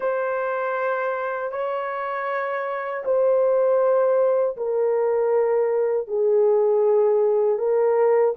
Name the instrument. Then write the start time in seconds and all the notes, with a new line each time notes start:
horn
0.00 C5
1.51 C#5
3.04 C5
4.56 A#4
6.07 G#4
7.58 A#4